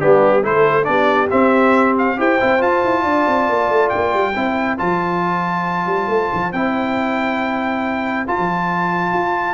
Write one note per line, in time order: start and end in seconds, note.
0.00 0.45 G3
0.00 0.43 B3
0.00 0.42 D4
0.00 0.44 G4
0.42 0.88 A3
0.42 0.84 E4
0.42 0.85 A4
0.42 0.85 C5
0.84 1.31 B3
0.84 1.27 D4
0.84 2.18 G4
0.84 1.28 D5
1.31 2.17 C4
1.31 2.19 C4
1.31 1.96 E5
1.98 2.20 F5
2.17 2.41 E4
2.17 2.39 G4
2.17 3.04 C5
2.17 2.62 G5
2.40 2.62 C4
2.40 2.59 E4
2.59 4.33 F4
2.59 2.84 F4
2.59 3.89 A5
2.84 3.05 E4
3.04 3.27 D4
3.04 4.34 D5
3.27 3.49 C4
3.49 3.70 A#3
3.70 3.91 A3
3.89 4.14 A#3
3.89 4.76 G5
4.14 4.36 G3
4.34 4.79 C4
4.34 4.78 E4
4.34 9.54 C5
4.78 5.87 F3
4.78 6.52 F4
4.78 6.53 A5
5.87 6.08 G3
6.08 6.30 A3
6.34 6.53 F3
6.53 8.27 C4
6.53 8.27 E4
6.53 8.27 G5
8.27 9.54 F4
8.27 8.39 F4
8.27 9.54 A5
8.39 9.13 F3
9.13 9.54 F4